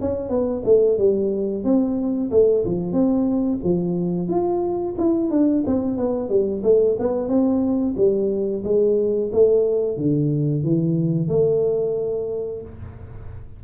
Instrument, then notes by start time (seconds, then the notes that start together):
tuba
0.00 C#4
0.28 B3
0.65 A3
0.98 G3
1.63 C4
2.31 A3
2.64 F3
2.92 C4
3.63 F3
4.28 F4
4.98 E4
5.30 D4
5.66 C4
5.97 B3
6.29 G3
6.63 A3
6.98 B3
7.28 C4
7.96 G3
8.64 G#3
9.32 A3
9.97 D3
10.63 E3
11.28 A3